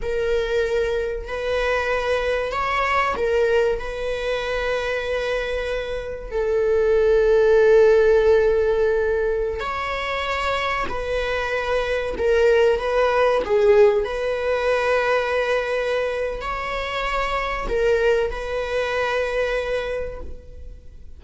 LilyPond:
\new Staff \with { instrumentName = "viola" } { \time 4/4 \tempo 4 = 95 ais'2 b'2 | cis''4 ais'4 b'2~ | b'2 a'2~ | a'2.~ a'16 cis''8.~ |
cis''4~ cis''16 b'2 ais'8.~ | ais'16 b'4 gis'4 b'4.~ b'16~ | b'2 cis''2 | ais'4 b'2. | }